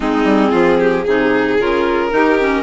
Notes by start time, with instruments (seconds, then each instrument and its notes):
0.00 bassoon G#3, clarinet C4, violin D#4 G#4
0.24 bassoon G3
0.50 bassoon F3, violin F4
0.79 violin G4
1.04 bassoon C3, clarinet D#4, violin G#4
1.58 bassoon C#3, clarinet F4, violin A#4
2.10 bassoon D#3, clarinet D#4, violin G4
2.40 clarinet C#4